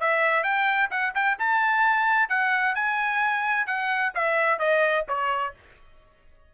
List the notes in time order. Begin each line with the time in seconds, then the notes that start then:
0.00 E5
0.43 G5
0.90 F#5
1.14 G5
1.38 A5
2.29 F#5
2.74 G#5
3.66 F#5
4.14 E5
4.59 D#5
5.08 C#5